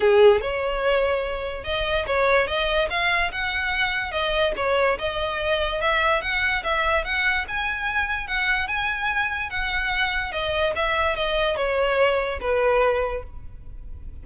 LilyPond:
\new Staff \with { instrumentName = "violin" } { \time 4/4 \tempo 4 = 145 gis'4 cis''2. | dis''4 cis''4 dis''4 f''4 | fis''2 dis''4 cis''4 | dis''2 e''4 fis''4 |
e''4 fis''4 gis''2 | fis''4 gis''2 fis''4~ | fis''4 dis''4 e''4 dis''4 | cis''2 b'2 | }